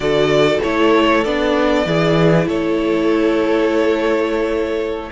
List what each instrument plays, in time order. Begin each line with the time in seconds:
0.00 cello D3, viola F#4, violin A4 D5
0.62 cello A3, viola E4, violin C#5
1.24 cello B3, viola D4, violin D5
1.85 cello E3, viola E4, violin G#4
2.47 cello A3, violin A4 C#5